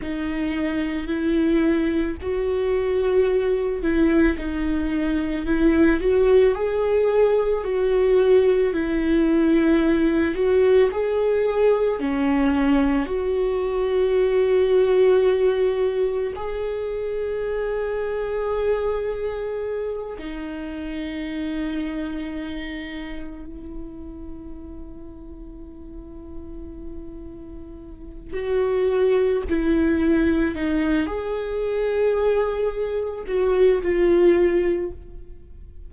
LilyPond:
\new Staff \with { instrumentName = "viola" } { \time 4/4 \tempo 4 = 55 dis'4 e'4 fis'4. e'8 | dis'4 e'8 fis'8 gis'4 fis'4 | e'4. fis'8 gis'4 cis'4 | fis'2. gis'4~ |
gis'2~ gis'8 dis'4.~ | dis'4. e'2~ e'8~ | e'2 fis'4 e'4 | dis'8 gis'2 fis'8 f'4 | }